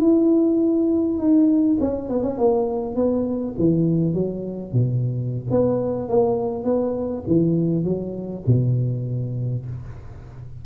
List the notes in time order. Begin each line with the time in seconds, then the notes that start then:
0.00 E4
1.18 D#4
1.80 C#4
2.09 B3
2.23 C#4
2.38 A#3
2.96 B3
3.59 E3
4.14 F#3
4.73 B2
5.51 B3
6.09 A#3
6.65 B3
7.27 E3
7.84 F#3
8.47 B2